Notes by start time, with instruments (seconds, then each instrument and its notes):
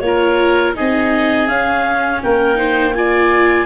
0.00 tuba A#3, viola F4, clarinet C#5
0.07 oboe A#4
0.75 tuba C4, viola D#4, oboe G#4, clarinet D#5
1.48 viola C#4, tuba C#4, clarinet F5
2.23 tuba A#3, oboe A#4, clarinet G5
2.55 viola D#4, oboe C5
2.95 viola F4, oboe D5, clarinet G#5